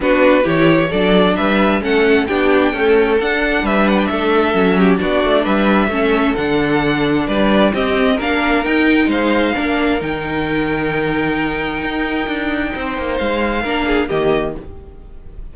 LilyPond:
<<
  \new Staff \with { instrumentName = "violin" } { \time 4/4 \tempo 4 = 132 b'4 cis''4 d''4 e''4 | fis''4 g''2 fis''4 | e''8 fis''16 g''16 e''2 d''4 | e''2 fis''2 |
d''4 dis''4 f''4 g''4 | f''2 g''2~ | g''1~ | g''4 f''2 dis''4 | }
  \new Staff \with { instrumentName = "violin" } { \time 4/4 fis'4 g'4 a'4 b'4 | a'4 g'4 a'2 | b'4 a'4. g'8 fis'4 | b'4 a'2. |
b'4 g'4 ais'2 | c''4 ais'2.~ | ais'1 | c''2 ais'8 gis'8 g'4 | }
  \new Staff \with { instrumentName = "viola" } { \time 4/4 d'4 e'4 d'2 | cis'4 d'4 a4 d'4~ | d'2 cis'4 d'4~ | d'4 cis'4 d'2~ |
d'4 c'4 d'4 dis'4~ | dis'4 d'4 dis'2~ | dis'1~ | dis'2 d'4 ais4 | }
  \new Staff \with { instrumentName = "cello" } { \time 4/4 b4 e4 fis4 g4 | a4 b4 cis'4 d'4 | g4 a4 fis4 b8 a8 | g4 a4 d2 |
g4 c'4 ais4 dis'4 | gis4 ais4 dis2~ | dis2 dis'4 d'4 | c'8 ais8 gis4 ais4 dis4 | }
>>